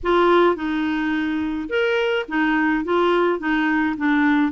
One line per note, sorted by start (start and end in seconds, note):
0.03 0.55 F4
0.55 1.69 D#4
1.69 2.25 A#4
2.28 2.84 D#4
2.84 3.39 F4
3.39 3.95 D#4
3.97 4.52 D4